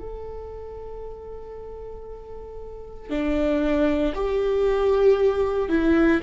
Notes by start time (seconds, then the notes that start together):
0.00 A4
3.10 D4
4.15 G4
5.69 E4